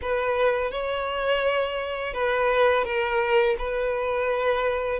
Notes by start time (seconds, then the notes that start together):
0.01 B4
0.71 C#5
2.13 B4
2.84 A#4
3.58 B4